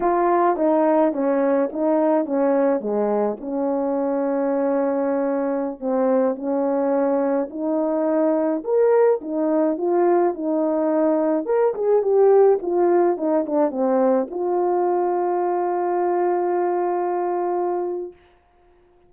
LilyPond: \new Staff \with { instrumentName = "horn" } { \time 4/4 \tempo 4 = 106 f'4 dis'4 cis'4 dis'4 | cis'4 gis4 cis'2~ | cis'2~ cis'16 c'4 cis'8.~ | cis'4~ cis'16 dis'2 ais'8.~ |
ais'16 dis'4 f'4 dis'4.~ dis'16~ | dis'16 ais'8 gis'8 g'4 f'4 dis'8 d'16~ | d'16 c'4 f'2~ f'8.~ | f'1 | }